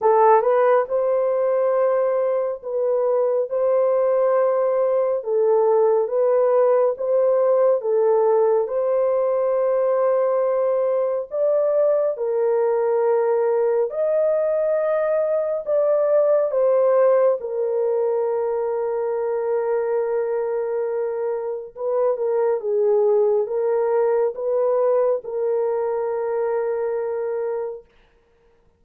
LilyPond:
\new Staff \with { instrumentName = "horn" } { \time 4/4 \tempo 4 = 69 a'8 b'8 c''2 b'4 | c''2 a'4 b'4 | c''4 a'4 c''2~ | c''4 d''4 ais'2 |
dis''2 d''4 c''4 | ais'1~ | ais'4 b'8 ais'8 gis'4 ais'4 | b'4 ais'2. | }